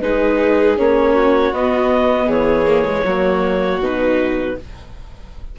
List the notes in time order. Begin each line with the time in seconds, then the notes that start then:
0.00 G#3 D#4 G#4 B4
0.77 A#3 C#4 C#5
1.14 F#4
1.52 B3 D#5
2.25 E3 G#4 C#5
2.67 A#3
2.85 G#3
3.04 F#3 A#3 F#4
3.80 B2 D#4 B4